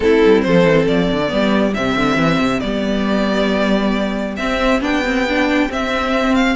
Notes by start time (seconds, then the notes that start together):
0.00 A3 C4 E4 A4
0.25 G3
0.41 F3 A4 C5
0.65 E3
0.87 F3 D5
1.11 D3
1.27 G3 B3 G4
1.74 C3 C4 E5
1.96 D3
2.17 E3
2.39 C3
2.59 G3 B3 D5
4.36 C4 E5
4.81 B3 D4 G5
5.05 C4
5.28 D4
5.69 C4 E5
6.34 F5